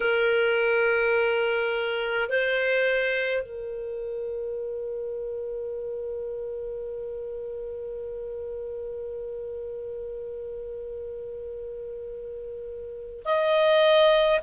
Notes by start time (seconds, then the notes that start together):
0.00 A#4
2.29 C5
3.42 A#4
13.24 D#5